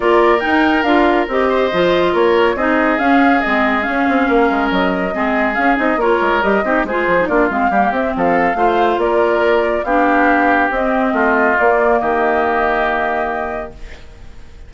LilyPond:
<<
  \new Staff \with { instrumentName = "flute" } { \time 4/4 \tempo 4 = 140 d''4 g''4 f''4 dis''4~ | dis''4 cis''4 dis''4 f''4 | dis''4 f''2 dis''4~ | dis''4 f''8 dis''8 cis''4 dis''4 |
c''4 d''8 f''4 e''8 f''4~ | f''4 d''2 f''4~ | f''4 dis''2 d''4 | dis''1 | }
  \new Staff \with { instrumentName = "oboe" } { \time 4/4 ais'2.~ ais'8 c''8~ | c''4 ais'4 gis'2~ | gis'2 ais'2 | gis'2 ais'4. g'8 |
gis'4 f'4 g'4 a'4 | c''4 ais'2 g'4~ | g'2 f'2 | g'1 | }
  \new Staff \with { instrumentName = "clarinet" } { \time 4/4 f'4 dis'4 f'4 g'4 | f'2 dis'4 cis'4 | c'4 cis'2. | c'4 cis'8 dis'8 f'4 g'8 dis'8 |
f'8. dis'16 d'8 c'8 ais8 c'4. | f'2. d'4~ | d'4 c'2 ais4~ | ais1 | }
  \new Staff \with { instrumentName = "bassoon" } { \time 4/4 ais4 dis'4 d'4 c'4 | f4 ais4 c'4 cis'4 | gis4 cis'8 c'8 ais8 gis8 fis4 | gis4 cis'8 c'8 ais8 gis8 g8 c'8 |
gis8 f8 ais8 gis8 g8 c'8 f4 | a4 ais2 b4~ | b4 c'4 a4 ais4 | dis1 | }
>>